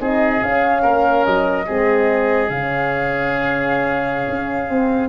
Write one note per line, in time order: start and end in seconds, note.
0.00 0.42 C4
0.00 0.42 D#4
0.00 0.82 G#4
0.00 0.43 D#5
0.42 0.84 C#4
0.42 1.67 C#4
0.42 1.25 F5
0.82 1.26 A#3
0.82 1.65 A#4
1.25 1.68 F#3
1.25 2.49 D#5
1.66 2.49 G#3
1.66 2.50 C4
1.66 5.09 G#4
2.49 4.26 C#3
2.49 4.69 C#4
2.49 5.09 F5
4.29 4.69 C#4
4.69 5.09 C4